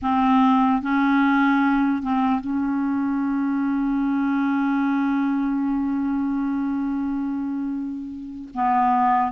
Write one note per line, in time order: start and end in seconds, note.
0.02 0.81 C4
0.81 2.02 C#4
2.02 2.41 C4
2.41 8.49 C#4
8.54 9.31 B3